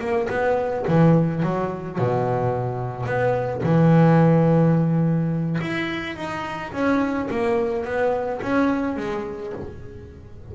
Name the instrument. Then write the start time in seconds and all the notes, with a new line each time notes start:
double bass
0.00 A#3
0.30 B3
0.88 E3
1.43 F#3
1.99 B2
3.06 B3
3.63 E3
5.61 E4
6.16 D#4
6.73 C#4
7.31 A#3
7.85 B3
8.43 C#4
8.97 G#3